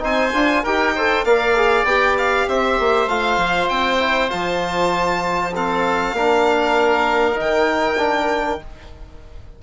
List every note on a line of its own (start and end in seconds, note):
0.00 0.34 C4
0.00 0.31 D#4
0.00 0.64 C5
0.00 0.65 G#5
0.34 0.64 D4
0.34 0.65 F4
0.64 1.25 D#4
0.64 0.97 G4
0.64 0.94 A#4
0.64 1.25 G5
0.96 1.27 A4
0.96 1.25 C5
1.25 1.84 A#3
1.25 1.57 A#4
1.25 2.48 D5
1.25 1.85 F5
1.57 1.87 G#4
1.84 2.46 B3
1.84 3.09 G4
1.84 2.16 G5
2.18 2.49 F5
2.49 2.80 C4
2.49 5.55 C5
2.49 3.09 E5
2.80 3.07 A#3
3.07 3.37 A3
3.07 3.99 F4
3.07 3.69 F5
3.37 3.68 F3
3.69 4.32 C4
3.69 4.30 G5
3.99 4.30 E4
4.30 6.14 F3
4.30 5.52 F4
4.30 5.54 A5
5.55 6.16 C4
5.55 6.16 A4
5.55 7.40 F5
6.14 7.36 A#3
6.14 7.35 D4
6.14 8.61 A#4
7.35 8.62 D#3
7.35 7.97 D#4
7.35 8.63 G5
7.98 8.60 D4